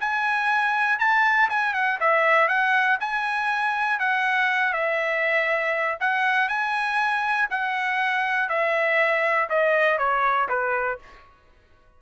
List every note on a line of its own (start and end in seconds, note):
0.00 0.99 G#5
0.99 1.49 A5
1.49 1.74 G#5
1.74 1.99 F#5
2.00 2.48 E5
2.48 2.98 F#5
3.00 3.99 G#5
3.99 4.73 F#5
4.73 5.98 E5
6.00 6.48 F#5
6.48 7.48 G#5
7.50 8.49 F#5
8.49 9.49 E5
9.49 9.98 D#5
9.98 10.48 C#5
10.48 10.98 B4